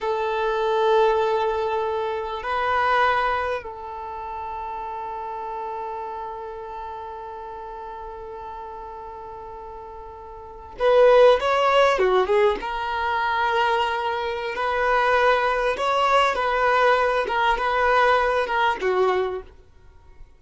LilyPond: \new Staff \with { instrumentName = "violin" } { \time 4/4 \tempo 4 = 99 a'1 | b'2 a'2~ | a'1~ | a'1~ |
a'4.~ a'16 b'4 cis''4 fis'16~ | fis'16 gis'8 ais'2.~ ais'16 | b'2 cis''4 b'4~ | b'8 ais'8 b'4. ais'8 fis'4 | }